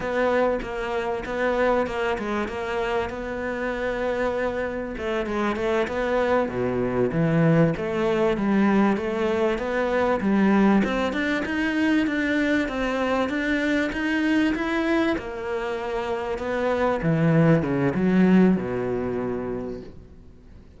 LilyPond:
\new Staff \with { instrumentName = "cello" } { \time 4/4 \tempo 4 = 97 b4 ais4 b4 ais8 gis8 | ais4 b2. | a8 gis8 a8 b4 b,4 e8~ | e8 a4 g4 a4 b8~ |
b8 g4 c'8 d'8 dis'4 d'8~ | d'8 c'4 d'4 dis'4 e'8~ | e'8 ais2 b4 e8~ | e8 cis8 fis4 b,2 | }